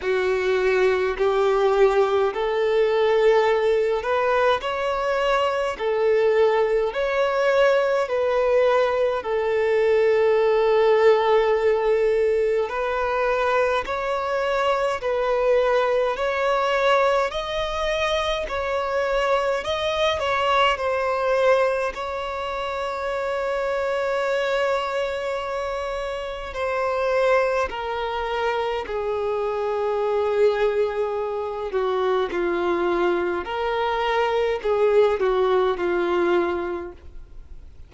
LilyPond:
\new Staff \with { instrumentName = "violin" } { \time 4/4 \tempo 4 = 52 fis'4 g'4 a'4. b'8 | cis''4 a'4 cis''4 b'4 | a'2. b'4 | cis''4 b'4 cis''4 dis''4 |
cis''4 dis''8 cis''8 c''4 cis''4~ | cis''2. c''4 | ais'4 gis'2~ gis'8 fis'8 | f'4 ais'4 gis'8 fis'8 f'4 | }